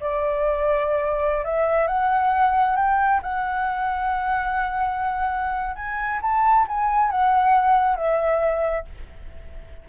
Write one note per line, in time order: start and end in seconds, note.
0.00 1.44 D5
1.45 1.87 E5
1.87 2.76 F#5
2.76 3.20 G5
3.22 5.76 F#5
5.76 6.20 G#5
6.22 6.66 A5
6.68 7.11 G#5
7.11 7.96 F#5
7.96 8.85 E5